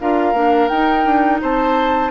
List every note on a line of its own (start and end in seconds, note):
0.00 0.33 D4
0.00 0.35 F4
0.00 1.41 A#4
0.00 0.68 F5
0.33 0.69 A#3
0.33 0.70 D4
0.68 1.05 D#4
0.68 2.11 D#4
0.68 1.39 G5
1.05 1.41 D4
1.41 2.11 C4
1.41 2.11 C5
1.41 2.11 A5